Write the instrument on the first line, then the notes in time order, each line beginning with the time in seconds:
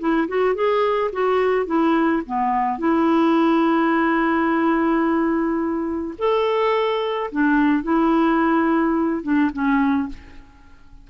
clarinet
0.00 E4
0.28 F#4
0.55 G#4
1.13 F#4
1.66 E4
2.26 B3
2.79 E4
6.19 A4
7.32 D4
7.84 E4
9.23 D4
9.53 C#4